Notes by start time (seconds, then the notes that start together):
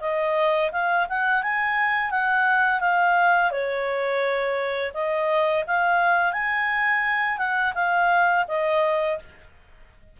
0.00 D#5
0.71 F5
1.08 F#5
1.42 G#5
2.10 F#5
2.80 F5
3.51 C#5
4.93 D#5
5.67 F5
6.32 G#5
7.38 F#5
7.75 F5
8.48 D#5